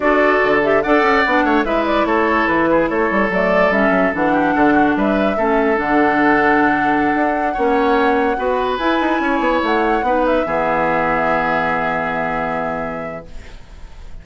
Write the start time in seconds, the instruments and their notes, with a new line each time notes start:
0.00 bassoon D4, clarinet F#4, oboe A4, flute D5
0.43 bassoon D3
0.62 clarinet G4, flute E5
0.82 bassoon D4, clarinet A4, oboe D5, flute F#5
1.02 bassoon C#4
1.26 bassoon B3, clarinet D4
1.44 bassoon A3, oboe C#5
1.64 bassoon G#3, clarinet E4, oboe B4, flute E5
1.85 flute D5
2.04 bassoon A3, oboe A4, flute C#5
2.47 bassoon E3, flute B4
2.71 oboe G#4
2.89 bassoon A3, oboe A4, flute C#5
3.10 bassoon G3
3.29 bassoon F#3, clarinet A3, flute D5
3.70 bassoon G3, clarinet C#4, flute E5
3.89 bassoon F#3
4.13 bassoon E3, clarinet D4, flute F#5
4.33 oboe G4
4.55 bassoon D3, oboe A4
4.73 oboe F#4
4.96 bassoon G3, oboe B4, flute E5
5.36 bassoon A3, clarinet C#4, oboe A4
5.75 bassoon D3, clarinet D4, flute F#5
7.14 bassoon D4
7.53 bassoon A#3, clarinet C#4, oboe C#5
8.36 bassoon B3, clarinet F#4, oboe B4
8.76 bassoon E4, clarinet E4, flute G#5
9.00 bassoon D#4
9.20 bassoon C#4, oboe C#5
9.39 bassoon B3
9.62 bassoon A3, flute F#5
10.02 bassoon B3, clarinet D#4, oboe B4
10.26 flute E5
10.45 bassoon E3, clarinet B3, oboe G#4